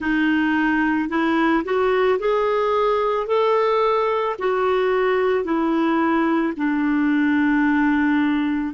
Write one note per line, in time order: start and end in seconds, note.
0.00 1.09 D#4
1.09 1.63 E4
1.64 2.18 F#4
2.19 3.26 G#4
3.26 4.35 A4
4.38 5.44 F#4
5.44 6.53 E4
6.57 8.73 D4